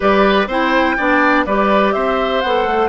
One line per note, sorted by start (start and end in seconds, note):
0.00 0.47 G3
0.00 0.46 G4
0.00 0.47 B4
0.00 0.49 D5
0.47 0.95 C4
0.47 0.97 E4
0.47 0.96 C5
0.47 1.45 G5
0.97 1.46 B3
0.97 1.46 D4
0.97 1.45 D5
1.45 1.94 G3
1.45 2.44 G4
1.45 1.94 B4
1.45 1.92 D5
1.92 2.43 C4
1.92 2.89 C5
1.92 2.40 E5
2.40 2.66 B3
2.40 2.89 A4
2.40 2.89 F#5
2.66 2.89 A3